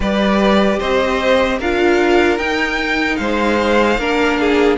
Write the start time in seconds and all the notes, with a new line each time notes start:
0.00 G3 G4 B4 D5
0.79 C4 C5 D#5
1.58 D4 F4 A#4 F5
2.38 D#4 G5
3.16 G#3 C5 F5
3.98 A#3 D4 A#4
4.40 G#4